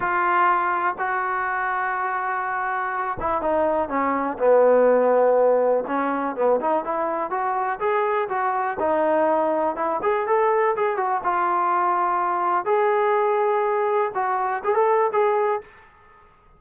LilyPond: \new Staff \with { instrumentName = "trombone" } { \time 4/4 \tempo 4 = 123 f'2 fis'2~ | fis'2~ fis'8 e'8 dis'4 | cis'4 b2. | cis'4 b8 dis'8 e'4 fis'4 |
gis'4 fis'4 dis'2 | e'8 gis'8 a'4 gis'8 fis'8 f'4~ | f'2 gis'2~ | gis'4 fis'4 gis'16 a'8. gis'4 | }